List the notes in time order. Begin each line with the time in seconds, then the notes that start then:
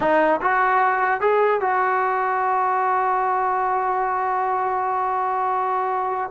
0.00 D#4
0.41 F#4
1.21 G#4
1.60 F#4